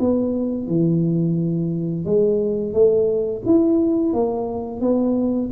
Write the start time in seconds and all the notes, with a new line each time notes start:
0.00 B3
0.68 E3
2.05 G#3
2.73 A3
3.46 E4
4.13 A#3
4.81 B3